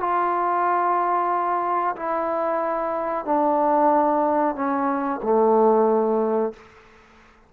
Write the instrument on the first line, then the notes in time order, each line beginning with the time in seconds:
trombone
0.00 F4
1.96 E4
3.25 D4
4.55 C#4
5.23 A3